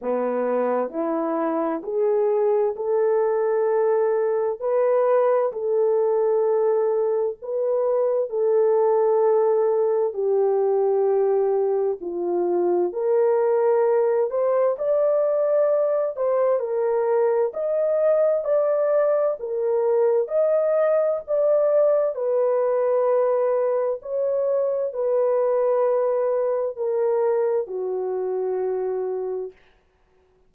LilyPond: \new Staff \with { instrumentName = "horn" } { \time 4/4 \tempo 4 = 65 b4 e'4 gis'4 a'4~ | a'4 b'4 a'2 | b'4 a'2 g'4~ | g'4 f'4 ais'4. c''8 |
d''4. c''8 ais'4 dis''4 | d''4 ais'4 dis''4 d''4 | b'2 cis''4 b'4~ | b'4 ais'4 fis'2 | }